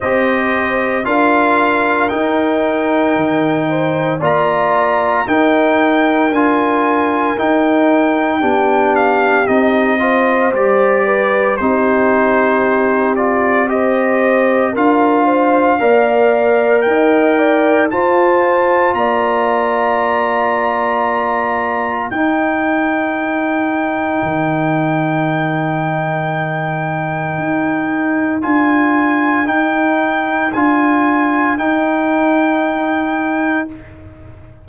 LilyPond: <<
  \new Staff \with { instrumentName = "trumpet" } { \time 4/4 \tempo 4 = 57 dis''4 f''4 g''2 | ais''4 g''4 gis''4 g''4~ | g''8 f''8 dis''4 d''4 c''4~ | c''8 d''8 dis''4 f''2 |
g''4 a''4 ais''2~ | ais''4 g''2.~ | g''2. gis''4 | g''4 gis''4 g''2 | }
  \new Staff \with { instrumentName = "horn" } { \time 4/4 c''4 ais'2~ ais'8 c''8 | d''4 ais'2. | g'4. c''4 b'8 g'4~ | g'4 c''4 ais'8 c''8 d''4 |
dis''8 d''8 c''4 d''2~ | d''4 ais'2.~ | ais'1~ | ais'1 | }
  \new Staff \with { instrumentName = "trombone" } { \time 4/4 g'4 f'4 dis'2 | f'4 dis'4 f'4 dis'4 | d'4 dis'8 f'8 g'4 dis'4~ | dis'8 f'8 g'4 f'4 ais'4~ |
ais'4 f'2.~ | f'4 dis'2.~ | dis'2. f'4 | dis'4 f'4 dis'2 | }
  \new Staff \with { instrumentName = "tuba" } { \time 4/4 c'4 d'4 dis'4 dis4 | ais4 dis'4 d'4 dis'4 | b4 c'4 g4 c'4~ | c'2 d'4 ais4 |
dis'4 f'4 ais2~ | ais4 dis'2 dis4~ | dis2 dis'4 d'4 | dis'4 d'4 dis'2 | }
>>